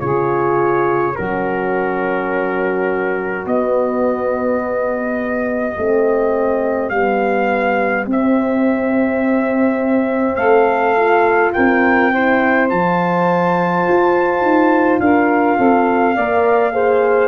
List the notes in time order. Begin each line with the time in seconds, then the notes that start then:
0.00 C#3 F4 G#4 C#5
1.16 F#3 C#4 F#4 A#4
3.46 B3 D#5
4.62 G4
5.78 A3 C4
6.90 G3 B3 F5
8.06 C4 E5
10.36 A3 A4 F5
10.96 F4
11.53 C4 A#4 G5
12.12 E4 C5
12.69 F3 F4 A5
13.88 F4
14.41 D#4
15.00 D4 A#4 F5
15.57 C4 A4
16.15 A#3 A#4 D5
16.73 G#4 C5